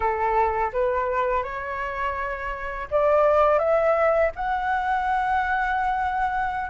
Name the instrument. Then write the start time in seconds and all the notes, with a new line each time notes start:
flute
0.00 A4
0.72 B4
1.43 C#5
2.90 D5
3.58 E5
4.35 F#5